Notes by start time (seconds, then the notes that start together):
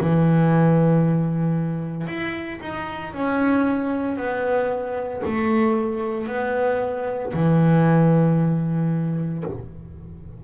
0.00 E3
2.07 E4
2.61 D#4
3.13 C#4
4.17 B3
5.25 A3
6.27 B3
7.33 E3